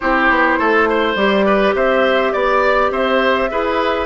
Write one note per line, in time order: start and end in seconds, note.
0.00 0.29 C4
0.00 1.17 E4
0.00 0.58 G4
0.00 1.14 C5
0.29 0.58 B3
0.58 1.15 A3
0.58 0.88 A4
0.90 1.45 C5
1.15 1.73 G3
1.15 3.50 G4
1.15 1.74 D5
1.45 1.74 B4
1.74 2.33 C4
1.74 2.33 C5
1.74 2.32 E5
2.32 2.91 B3
2.32 2.91 D5
2.91 3.49 C4
2.91 3.50 C5
2.91 4.06 E5
3.50 4.06 E4
3.50 4.06 G#4
3.50 4.06 B4